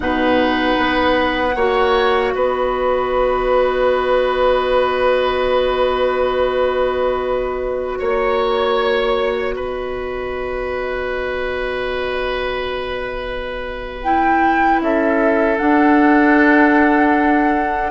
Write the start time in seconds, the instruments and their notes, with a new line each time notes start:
0.00 bassoon B2, clarinet D#4, oboe B4, flute F#5
0.78 bassoon B3
1.55 bassoon A#3, clarinet F#4, oboe C#5
2.33 bassoon B3, oboe B4, flute D#5
7.98 bassoon A#3, oboe C#5, flute C#5
9.54 bassoon B3, oboe B4, flute D#5
14.02 clarinet E4, flute G5
14.80 bassoon C#4, oboe A4, flute E5
15.57 clarinet D4, bassoon D4, flute F#5